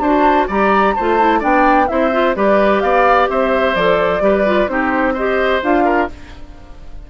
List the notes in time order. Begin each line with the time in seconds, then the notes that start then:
0.00 D4 F#4 C5 A5
0.48 G3 G4 D5 A#5
0.95 A3 F4 C5 A5
1.19 E4
1.40 B3 D4 D5 G5
1.88 C4 E4 C5 E5
2.12 F4
2.35 G3 G4 B4 D5
2.81 B3 D5 F5
3.29 C4 C5 E5
3.75 F3 A4 D5
4.21 G3 G4 B4
4.46 F4
4.68 C4 D#4 G4 C5
5.14 G4 C5 D#5
5.62 D4 F4 F5
5.85 A#4